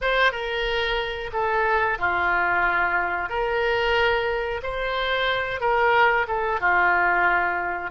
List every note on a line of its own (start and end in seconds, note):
0.01 0.31 C5
0.31 1.30 A#4
1.32 1.98 A4
1.98 3.29 F4
3.29 4.61 A#4
4.62 5.60 C5
5.60 6.26 A#4
6.27 6.60 A4
6.60 7.90 F4